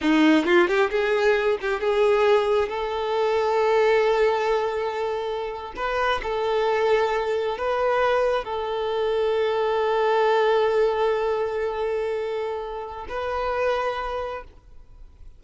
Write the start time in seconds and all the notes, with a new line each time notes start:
0.01 D#4
0.45 F4
0.67 G4
0.90 G#4
1.61 G4
1.80 G#4
2.68 A4
5.76 B4
6.23 A4
7.58 B4
8.44 A4
13.08 B4